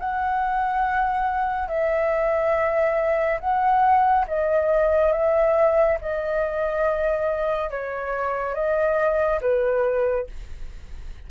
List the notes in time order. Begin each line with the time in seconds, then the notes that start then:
0.00 F#5
1.69 E5
3.41 F#5
4.28 D#5
5.13 E5
6.02 D#5
7.71 C#5
8.55 D#5
9.42 B4